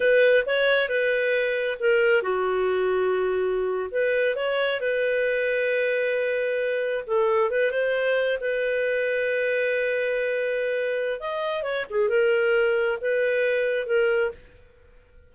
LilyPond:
\new Staff \with { instrumentName = "clarinet" } { \time 4/4 \tempo 4 = 134 b'4 cis''4 b'2 | ais'4 fis'2.~ | fis'8. b'4 cis''4 b'4~ b'16~ | b'2.~ b'8. a'16~ |
a'8. b'8 c''4. b'4~ b'16~ | b'1~ | b'4 dis''4 cis''8 gis'8 ais'4~ | ais'4 b'2 ais'4 | }